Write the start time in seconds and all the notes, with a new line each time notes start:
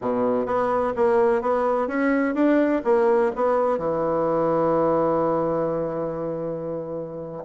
0.01 B2
0.46 B3
0.96 A#3
1.41 B3
1.87 C#4
2.35 D4
2.84 A#3
3.35 B3
3.78 E3